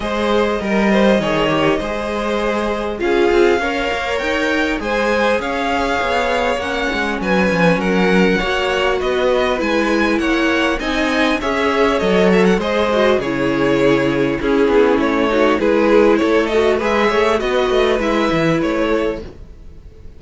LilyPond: <<
  \new Staff \with { instrumentName = "violin" } { \time 4/4 \tempo 4 = 100 dis''1~ | dis''4 f''2 g''4 | gis''4 f''2 fis''4 | gis''4 fis''2 dis''4 |
gis''4 fis''4 gis''4 e''4 | dis''8 e''16 fis''16 dis''4 cis''2 | gis'4 cis''4 b'4 cis''8 dis''8 | e''4 dis''4 e''4 cis''4 | }
  \new Staff \with { instrumentName = "violin" } { \time 4/4 c''4 ais'8 c''8 cis''4 c''4~ | c''4 gis'4 cis''2 | c''4 cis''2. | b'4 ais'4 cis''4 b'4~ |
b'4 cis''4 dis''4 cis''4~ | cis''4 c''4 gis'2 | e'4. fis'8 gis'4 a'4 | b'8 cis''8 b'2~ b'8 a'8 | }
  \new Staff \with { instrumentName = "viola" } { \time 4/4 gis'4 ais'4 gis'8 g'8 gis'4~ | gis'4 f'4 ais'2 | gis'2. cis'4~ | cis'2 fis'2 |
e'2 dis'4 gis'4 | a'4 gis'8 fis'8 e'2 | cis'4. dis'8 e'4. fis'8 | gis'4 fis'4 e'2 | }
  \new Staff \with { instrumentName = "cello" } { \time 4/4 gis4 g4 dis4 gis4~ | gis4 cis'8 c'8 cis'8 ais8 dis'4 | gis4 cis'4 b4 ais8 gis8 | fis8 f8 fis4 ais4 b4 |
gis4 ais4 c'4 cis'4 | fis4 gis4 cis2 | cis'8 b8 a4 gis4 a4 | gis8 a8 b8 a8 gis8 e8 a4 | }
>>